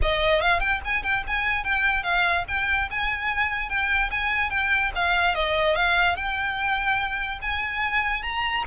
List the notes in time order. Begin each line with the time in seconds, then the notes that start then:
0.02 D#5
0.41 F5
0.60 G5
0.84 G#5
1.03 G5
1.27 G#5
1.64 G5
2.03 F5
2.48 G5
2.90 G#5
3.69 G5
4.11 G#5
4.50 G5
4.95 F5
5.34 D#5
5.75 F5
6.16 G5
7.41 G#5
8.22 A#5